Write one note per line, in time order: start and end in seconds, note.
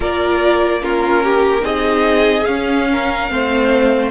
0.00 1.62 A#3
0.00 0.82 F4
0.00 0.82 A#4
0.00 0.83 D5
0.82 1.61 C#4
0.82 1.23 F4
0.82 1.64 A#4
1.23 1.63 G4
1.61 2.44 C4
1.61 2.43 D#4
1.61 2.87 G#4
1.61 2.44 D#5
2.44 3.28 C#4
2.44 3.30 C#4
2.44 4.08 F5
2.91 3.31 A#4
3.29 4.11 A3
3.29 4.11 C4
3.29 4.11 C5